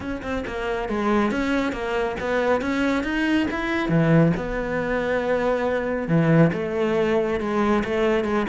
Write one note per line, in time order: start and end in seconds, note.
0.00 0.22 C#4
0.22 0.44 C4
0.46 0.88 A#3
0.88 1.31 G#3
1.31 1.72 C#4
1.72 2.16 A#3
2.20 2.61 B3
2.61 3.03 C#4
3.03 3.47 D#4
3.50 3.89 E4
3.89 4.32 E3
4.36 6.08 B3
6.08 6.51 E3
6.52 7.39 A3
7.40 7.83 G#3
7.84 8.24 A3
8.24 8.46 G#3